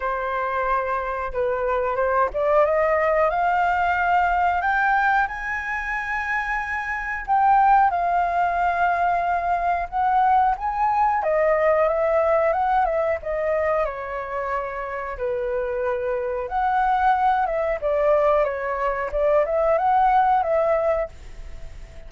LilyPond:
\new Staff \with { instrumentName = "flute" } { \time 4/4 \tempo 4 = 91 c''2 b'4 c''8 d''8 | dis''4 f''2 g''4 | gis''2. g''4 | f''2. fis''4 |
gis''4 dis''4 e''4 fis''8 e''8 | dis''4 cis''2 b'4~ | b'4 fis''4. e''8 d''4 | cis''4 d''8 e''8 fis''4 e''4 | }